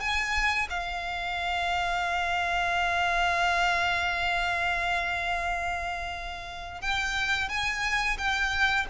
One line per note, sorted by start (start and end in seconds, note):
0.00 0.68 G#5
0.70 6.81 F5
6.81 7.49 G5
7.49 8.17 G#5
8.18 8.86 G5